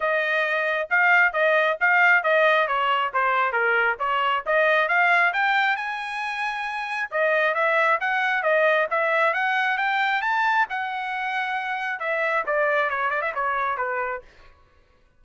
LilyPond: \new Staff \with { instrumentName = "trumpet" } { \time 4/4 \tempo 4 = 135 dis''2 f''4 dis''4 | f''4 dis''4 cis''4 c''4 | ais'4 cis''4 dis''4 f''4 | g''4 gis''2. |
dis''4 e''4 fis''4 dis''4 | e''4 fis''4 g''4 a''4 | fis''2. e''4 | d''4 cis''8 d''16 e''16 cis''4 b'4 | }